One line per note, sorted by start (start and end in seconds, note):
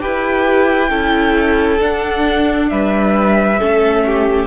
0.00 0.90 E4
0.00 0.90 G4
0.00 0.90 B4
0.00 1.81 G5
0.90 1.80 C#4
0.90 1.79 E4
0.90 2.69 A4
1.79 3.59 D4
1.79 2.71 D4
1.79 2.70 F#5
2.70 3.61 G3
2.70 3.60 B4
2.70 4.47 E5
3.60 4.47 A3
3.60 4.47 C#4
3.60 4.04 A4
4.06 4.47 G4